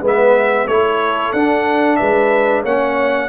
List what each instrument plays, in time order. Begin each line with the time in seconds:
0.00 tuba G#3, trombone B3, horn B4
0.07 trumpet E5
0.67 tuba A3, trombone E4, horn A4, trumpet C#5
1.32 tuba D4, trombone D4, trumpet F#5
1.96 tuba G#3, horn B4, trumpet E5
2.62 tuba A#3, trombone C#4, horn C#5, trumpet F#5